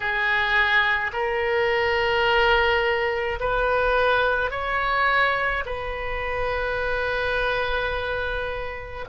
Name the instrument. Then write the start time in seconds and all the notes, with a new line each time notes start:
oboe
0.00 G#4
1.12 A#4
3.40 B4
4.50 C#5
5.66 B4